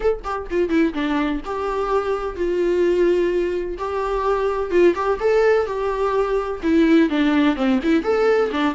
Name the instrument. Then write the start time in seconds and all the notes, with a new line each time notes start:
viola
0.00 A4
0.24 G4
0.50 F4
0.69 E4
0.93 D4
1.45 G4
2.36 F4
3.78 G4
4.70 F4
4.95 G4
5.20 A4
5.66 G4
6.62 E4
7.09 D4
7.55 C4
7.83 E4
8.03 A4
8.51 D4